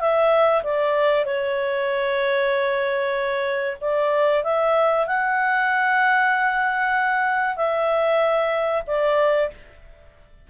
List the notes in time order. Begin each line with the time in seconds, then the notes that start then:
0.00 E5
0.63 D5
1.25 C#5
3.81 D5
4.44 E5
5.07 F#5
7.56 E5
8.87 D5